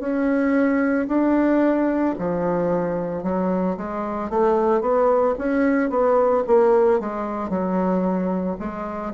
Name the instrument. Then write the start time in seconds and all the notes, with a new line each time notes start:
bassoon
0.00 C#4
1.08 D4
2.19 F3
3.23 F#3
3.77 G#3
4.30 A3
4.81 B3
5.38 C#4
5.90 B3
6.47 A#3
7.00 G#3
7.50 F#3
8.60 G#3